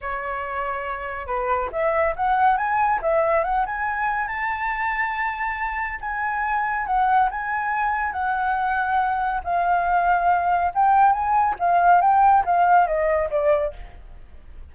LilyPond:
\new Staff \with { instrumentName = "flute" } { \time 4/4 \tempo 4 = 140 cis''2. b'4 | e''4 fis''4 gis''4 e''4 | fis''8 gis''4. a''2~ | a''2 gis''2 |
fis''4 gis''2 fis''4~ | fis''2 f''2~ | f''4 g''4 gis''4 f''4 | g''4 f''4 dis''4 d''4 | }